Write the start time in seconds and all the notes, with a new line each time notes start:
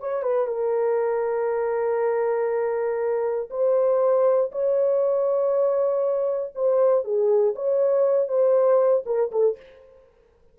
0.00 C#5
0.22 B4
0.47 A#4
3.50 C5
4.52 C#5
6.55 C5
7.04 G#4
7.55 C#5
8.28 C5
9.06 A#4
9.31 A4